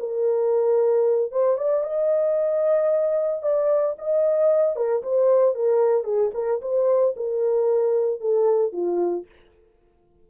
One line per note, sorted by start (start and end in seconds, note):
0.00 1.32 A#4
1.32 1.57 C5
1.57 1.83 D5
1.83 3.43 D#5
3.43 3.96 D5
3.99 4.76 D#5
4.76 5.03 A#4
5.03 5.55 C5
5.55 6.04 A#4
6.04 6.31 G#4
6.34 6.61 A#4
6.62 7.15 C5
7.17 8.21 A#4
8.21 8.73 A4
8.73 9.26 F4